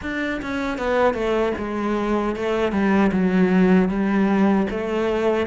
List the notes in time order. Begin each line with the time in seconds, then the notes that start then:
0.02 D4
0.41 C#4
0.78 B3
1.13 A3
1.58 G#3
2.36 A3
2.71 G3
3.12 F#3
3.89 G3
4.70 A3